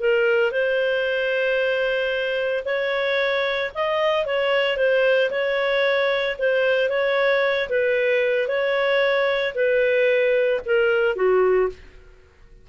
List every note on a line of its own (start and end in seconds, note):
0.00 0.52 A#4
0.52 2.64 C5
2.65 3.71 C#5
3.75 4.26 D#5
4.26 4.77 C#5
4.77 5.30 C5
5.30 6.37 C#5
6.39 6.89 C5
6.89 7.69 C#5
7.69 8.48 B4
8.48 9.54 C#5
9.55 10.61 B4
10.66 11.16 A#4
11.16 11.69 F#4